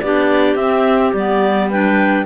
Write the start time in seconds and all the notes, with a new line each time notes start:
0.00 B3 D4 G4 D5
0.55 C4 E5
1.13 G3 B3 D5
1.70 D4 B4 G5